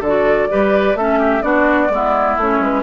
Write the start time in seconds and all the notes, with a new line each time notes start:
0.00 D3 A4 D5
0.07 F#4
0.49 G3 G4 B4
0.95 A3 C#4 A4 E5
1.19 G4
1.41 B3 D4 F#4 D5
1.89 G#3 B3 E4
2.37 A3 C#4 C#5
2.59 G#3 B4